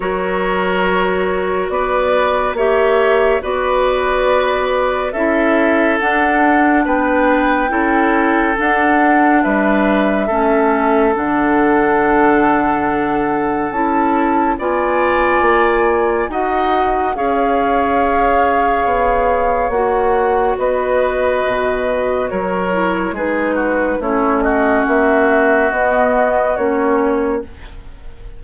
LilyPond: <<
  \new Staff \with { instrumentName = "flute" } { \time 4/4 \tempo 4 = 70 cis''2 d''4 e''4 | d''2 e''4 fis''4 | g''2 fis''4 e''4~ | e''4 fis''2. |
a''4 gis''2 fis''4 | f''2. fis''4 | dis''2 cis''4 b'4 | cis''8 dis''8 e''4 dis''4 cis''4 | }
  \new Staff \with { instrumentName = "oboe" } { \time 4/4 ais'2 b'4 cis''4 | b'2 a'2 | b'4 a'2 b'4 | a'1~ |
a'4 d''2 dis''4 | cis''1 | b'2 ais'4 gis'8 fis'8 | e'8 fis'2.~ fis'8 | }
  \new Staff \with { instrumentName = "clarinet" } { \time 4/4 fis'2. g'4 | fis'2 e'4 d'4~ | d'4 e'4 d'2 | cis'4 d'2. |
e'4 f'2 fis'4 | gis'2. fis'4~ | fis'2~ fis'8 e'8 dis'4 | cis'2 b4 cis'4 | }
  \new Staff \with { instrumentName = "bassoon" } { \time 4/4 fis2 b4 ais4 | b2 cis'4 d'4 | b4 cis'4 d'4 g4 | a4 d2. |
cis'4 b4 ais4 dis'4 | cis'2 b4 ais4 | b4 b,4 fis4 gis4 | a4 ais4 b4 ais4 | }
>>